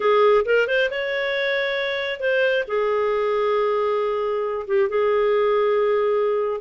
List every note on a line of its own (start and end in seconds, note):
0.00 0.44 G#4
0.45 0.67 A#4
0.67 0.89 C5
0.90 2.20 C#5
2.20 2.64 C5
2.67 4.66 G#4
4.67 4.89 G4
4.89 6.60 G#4